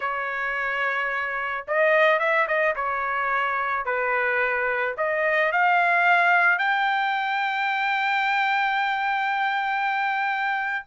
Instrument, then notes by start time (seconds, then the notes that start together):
trumpet
0.00 C#5
1.67 D#5
2.19 E5
2.47 D#5
2.75 C#5
3.85 B4
4.97 D#5
5.52 F5
6.58 G5